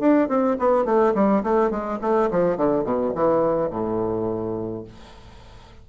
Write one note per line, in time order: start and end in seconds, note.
0.00 0.29 D4
0.29 0.57 C4
0.59 0.85 B3
0.85 1.14 A3
1.15 1.43 G3
1.43 1.71 A3
1.71 1.99 G#3
2.01 2.30 A3
2.31 2.57 F3
2.57 2.84 D3
2.84 3.13 B2
3.15 3.70 E3
3.70 4.84 A2